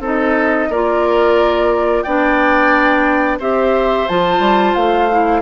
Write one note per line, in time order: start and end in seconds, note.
0.00 0.67 C4
0.00 0.71 D#4
0.00 0.69 A4
0.07 0.72 D#5
0.70 2.04 A#3
0.70 2.06 F4
0.70 2.04 A#4
0.70 2.03 D5
2.03 3.39 B3
2.03 3.40 D4
2.03 3.39 D5
2.03 3.38 G5
3.39 4.07 C4
3.39 4.08 G4
3.39 5.41 C5
3.39 4.08 E5
4.08 4.39 F3
4.08 5.10 F4
4.08 4.75 A5
4.39 4.73 G3
4.75 5.42 A3
4.75 5.42 F5
5.11 5.42 E4